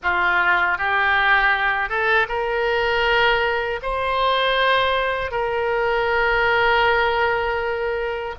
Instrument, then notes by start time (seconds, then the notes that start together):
oboe
0.02 F4
0.78 G4
1.88 A4
2.28 A#4
3.82 C5
5.31 A#4